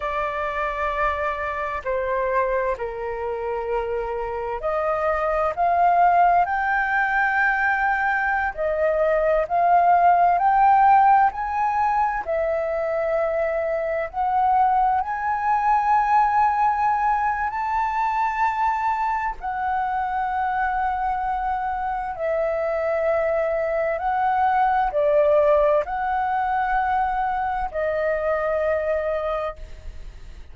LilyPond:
\new Staff \with { instrumentName = "flute" } { \time 4/4 \tempo 4 = 65 d''2 c''4 ais'4~ | ais'4 dis''4 f''4 g''4~ | g''4~ g''16 dis''4 f''4 g''8.~ | g''16 gis''4 e''2 fis''8.~ |
fis''16 gis''2~ gis''8. a''4~ | a''4 fis''2. | e''2 fis''4 d''4 | fis''2 dis''2 | }